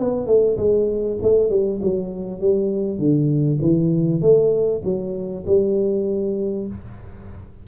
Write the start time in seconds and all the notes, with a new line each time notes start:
0.00 B3
0.27 A3
0.58 G#3
1.23 A3
1.50 G3
1.83 F#3
2.41 G3
2.99 D3
3.62 E3
4.22 A3
4.85 F#3
5.47 G3